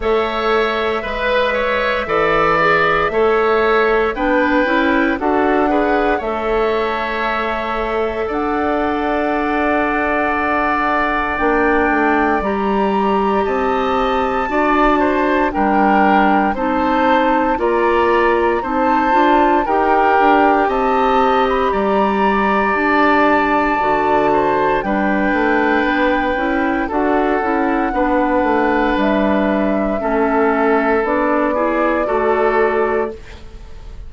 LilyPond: <<
  \new Staff \with { instrumentName = "flute" } { \time 4/4 \tempo 4 = 58 e''1 | g''4 fis''4 e''2 | fis''2. g''4 | ais''4 a''2 g''4 |
a''4 ais''4 a''4 g''4 | a''8. b''16 ais''4 a''2 | g''2 fis''2 | e''2 d''2 | }
  \new Staff \with { instrumentName = "oboe" } { \time 4/4 cis''4 b'8 cis''8 d''4 cis''4 | b'4 a'8 b'8 cis''2 | d''1~ | d''4 dis''4 d''8 c''8 ais'4 |
c''4 d''4 c''4 ais'4 | dis''4 d''2~ d''8 c''8 | b'2 a'4 b'4~ | b'4 a'4. gis'8 a'4 | }
  \new Staff \with { instrumentName = "clarinet" } { \time 4/4 a'4 b'4 a'8 gis'8 a'4 | d'8 e'8 fis'8 gis'8 a'2~ | a'2. d'4 | g'2 fis'4 d'4 |
dis'4 f'4 dis'8 f'8 g'4~ | g'2. fis'4 | d'4. e'8 fis'8 e'8 d'4~ | d'4 cis'4 d'8 e'8 fis'4 | }
  \new Staff \with { instrumentName = "bassoon" } { \time 4/4 a4 gis4 e4 a4 | b8 cis'8 d'4 a2 | d'2. ais8 a8 | g4 c'4 d'4 g4 |
c'4 ais4 c'8 d'8 dis'8 d'8 | c'4 g4 d'4 d4 | g8 a8 b8 cis'8 d'8 cis'8 b8 a8 | g4 a4 b4 a4 | }
>>